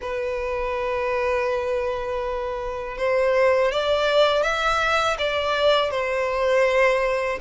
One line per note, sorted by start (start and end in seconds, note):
0.01 2.97 B4
2.97 3.71 C5
3.71 4.42 D5
4.42 5.16 E5
5.18 5.91 D5
5.91 7.39 C5